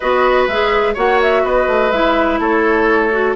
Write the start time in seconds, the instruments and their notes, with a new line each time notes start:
0.00 bassoon B3, clarinet F#4, oboe B4, flute D#5
0.47 bassoon G#3, clarinet G#4, flute E5
0.94 bassoon A#3, clarinet F#4, oboe C#5, flute F#5
1.22 flute E5
1.43 bassoon B3, oboe B4, flute D#5
1.67 bassoon A3
1.91 bassoon G#3, clarinet E4, flute E5
2.39 bassoon A3, oboe A4, flute C#5
3.11 clarinet F#4